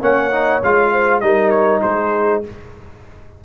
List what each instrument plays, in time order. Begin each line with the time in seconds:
0.00 tuba A#3, trombone C#4, horn C#5, trumpet F#5
0.31 trombone D#4
0.63 tuba G#3, trombone F4, trumpet F5
0.92 horn C5
1.20 tuba G3, trombone D#4, horn A#4, trumpet D#5
1.50 trumpet C#5
1.82 tuba G#3, horn G#4, trumpet C5